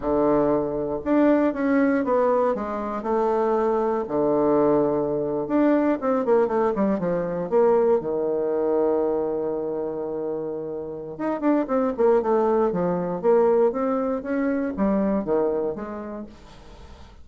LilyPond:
\new Staff \with { instrumentName = "bassoon" } { \time 4/4 \tempo 4 = 118 d2 d'4 cis'4 | b4 gis4 a2 | d2~ d8. d'4 c'16~ | c'16 ais8 a8 g8 f4 ais4 dis16~ |
dis1~ | dis2 dis'8 d'8 c'8 ais8 | a4 f4 ais4 c'4 | cis'4 g4 dis4 gis4 | }